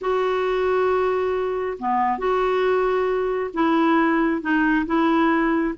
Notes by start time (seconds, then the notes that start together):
0.01 F#4
1.78 B3
2.18 F#4
3.53 E4
4.41 D#4
4.86 E4